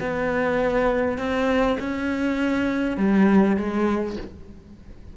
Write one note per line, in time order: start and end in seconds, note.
0.00 1.18 B3
1.18 1.77 C4
1.79 2.97 C#4
2.97 3.56 G3
3.56 4.16 G#3